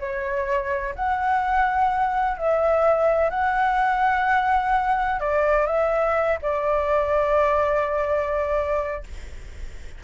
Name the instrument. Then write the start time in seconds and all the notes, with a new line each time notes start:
flute
0.00 C#5
0.96 F#5
2.38 E5
3.31 F#5
5.20 D5
5.67 E5
6.42 D5